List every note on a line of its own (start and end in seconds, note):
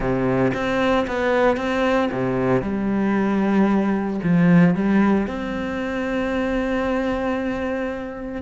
0.00 0.51 C3
0.54 1.06 C4
1.07 1.56 B3
1.56 2.09 C4
2.11 2.62 C3
2.62 4.20 G3
4.23 4.75 F3
4.75 5.27 G3
5.27 8.41 C4